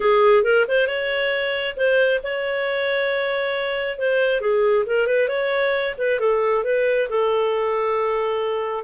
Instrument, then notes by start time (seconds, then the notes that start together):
clarinet
0.00 G#4
0.43 A#4
0.68 C5
0.87 C#5
1.76 C5
2.23 C#5
3.98 C5
4.40 G#4
4.85 A#4
5.06 B4
5.28 C#5
5.97 B4
6.19 A4
6.64 B4
7.09 A4